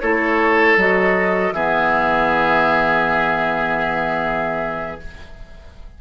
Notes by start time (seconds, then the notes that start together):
0.00 A3 E4 A4 C#5
0.76 F#3 F#4 D#5
1.52 E3 B3 G#4 E5